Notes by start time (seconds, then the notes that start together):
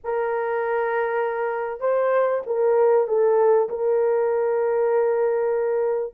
0.04 A#4
1.80 C5
2.46 A#4
3.07 A4
3.69 A#4